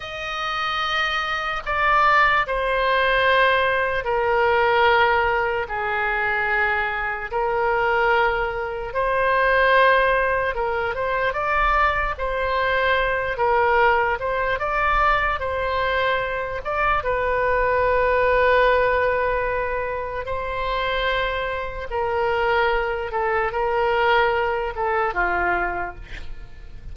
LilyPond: \new Staff \with { instrumentName = "oboe" } { \time 4/4 \tempo 4 = 74 dis''2 d''4 c''4~ | c''4 ais'2 gis'4~ | gis'4 ais'2 c''4~ | c''4 ais'8 c''8 d''4 c''4~ |
c''8 ais'4 c''8 d''4 c''4~ | c''8 d''8 b'2.~ | b'4 c''2 ais'4~ | ais'8 a'8 ais'4. a'8 f'4 | }